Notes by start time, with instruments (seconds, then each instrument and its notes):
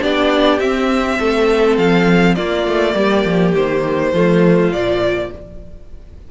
0.00 cello B3, viola D4, violin G4 D5
0.59 cello C4, viola C4, violin E5
1.19 cello A3, violin A4
1.78 cello F3, violin F5
2.35 viola A#3, cello A#3, violin F4 D5
2.67 cello A3
2.95 cello G3, violin G4
3.25 cello F3
3.55 cello D#3, violin C5
4.12 cello F3, viola A3, violin F4
4.71 cello A#2, viola F3, violin D5